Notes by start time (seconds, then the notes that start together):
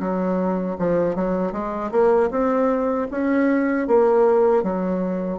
0.00 F#3
0.79 F3
1.16 F#3
1.52 G#3
1.92 A#3
2.31 C4
3.12 C#4
3.88 A#3
4.63 F#3